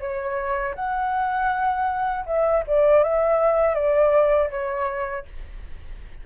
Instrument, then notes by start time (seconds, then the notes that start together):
flute
0.00 C#5
0.75 F#5
2.26 E5
2.67 D5
3.04 E5
3.75 D5
4.51 C#5